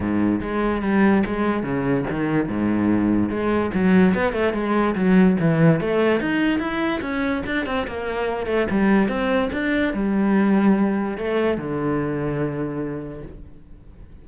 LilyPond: \new Staff \with { instrumentName = "cello" } { \time 4/4 \tempo 4 = 145 gis,4 gis4 g4 gis4 | cis4 dis4 gis,2 | gis4 fis4 b8 a8 gis4 | fis4 e4 a4 dis'4 |
e'4 cis'4 d'8 c'8 ais4~ | ais8 a8 g4 c'4 d'4 | g2. a4 | d1 | }